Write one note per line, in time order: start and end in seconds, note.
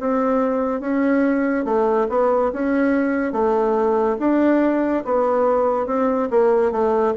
0.00 0.81 C4
0.81 1.65 C#4
1.65 2.07 A3
2.09 2.52 B3
2.53 3.32 C#4
3.32 4.17 A3
4.19 5.04 D4
5.05 5.87 B3
5.87 6.29 C4
6.30 6.71 A#3
6.71 7.14 A3